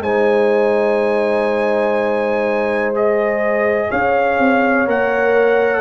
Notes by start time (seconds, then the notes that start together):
0.00 G#3 D#4 C5 G#5
2.94 G#4 D#5
3.89 C#4 C#5 F5
4.39 C4
4.87 A#3 A#4 F#5